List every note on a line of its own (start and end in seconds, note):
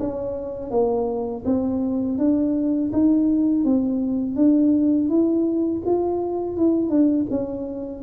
0.00 0.71 C#4
0.71 1.44 A#3
1.45 2.19 C4
2.19 2.92 D4
2.93 3.65 D#4
3.65 4.36 C4
4.36 5.09 D4
5.10 5.83 E4
5.86 6.58 F4
6.58 6.90 E4
6.90 7.26 D4
7.31 8.03 C#4